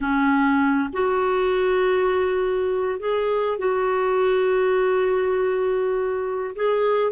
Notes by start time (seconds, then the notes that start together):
0.00 C#4
0.93 F#4
2.99 G#4
3.58 F#4
6.55 G#4